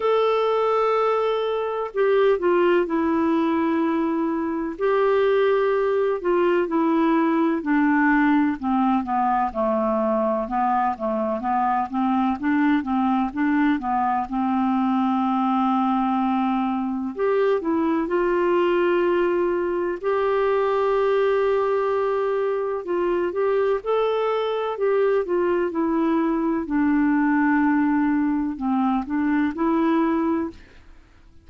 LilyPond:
\new Staff \with { instrumentName = "clarinet" } { \time 4/4 \tempo 4 = 63 a'2 g'8 f'8 e'4~ | e'4 g'4. f'8 e'4 | d'4 c'8 b8 a4 b8 a8 | b8 c'8 d'8 c'8 d'8 b8 c'4~ |
c'2 g'8 e'8 f'4~ | f'4 g'2. | f'8 g'8 a'4 g'8 f'8 e'4 | d'2 c'8 d'8 e'4 | }